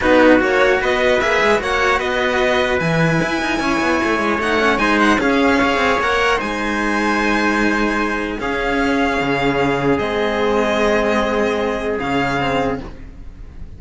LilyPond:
<<
  \new Staff \with { instrumentName = "violin" } { \time 4/4 \tempo 4 = 150 b'4 cis''4 dis''4 e''4 | fis''4 dis''2 gis''4~ | gis''2. fis''4 | gis''8 fis''8 f''2 fis''4 |
gis''1~ | gis''4 f''2.~ | f''4 dis''2.~ | dis''2 f''2 | }
  \new Staff \with { instrumentName = "trumpet" } { \time 4/4 fis'2 b'2 | cis''4 b'2.~ | b'4 cis''2. | c''4 gis'4 cis''2 |
c''1~ | c''4 gis'2.~ | gis'1~ | gis'1 | }
  \new Staff \with { instrumentName = "cello" } { \time 4/4 dis'4 fis'2 gis'4 | fis'2. e'4~ | e'2. dis'8 cis'8 | dis'4 cis'4 gis'4 ais'4 |
dis'1~ | dis'4 cis'2.~ | cis'4 c'2.~ | c'2 cis'4 c'4 | }
  \new Staff \with { instrumentName = "cello" } { \time 4/4 b4 ais4 b4 ais8 gis8 | ais4 b2 e4 | e'8 dis'8 cis'8 b8 a8 gis8 a4 | gis4 cis'4. c'8 ais4 |
gis1~ | gis4 cis'2 cis4~ | cis4 gis2.~ | gis2 cis2 | }
>>